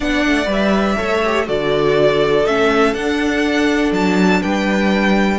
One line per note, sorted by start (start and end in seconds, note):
0.00 0.25 B3
0.00 0.45 D4
0.00 0.96 D5
0.00 0.49 F#5
0.26 0.46 A3
0.45 0.95 G3
0.45 0.94 B4
0.52 1.48 E5
0.96 1.48 A3
0.96 1.21 A4
0.96 1.46 C#5
1.25 1.46 G4
1.46 2.46 D3
1.46 2.44 F#4
1.46 4.41 A4
1.46 2.46 D5
2.46 2.93 A3
2.46 2.94 C#4
2.46 2.94 E5
2.93 3.91 D4
2.93 5.39 D4
2.93 3.92 F#5
3.91 4.40 F#3
3.91 4.42 A5
4.42 5.39 G3
4.42 5.39 B4
4.42 5.39 G5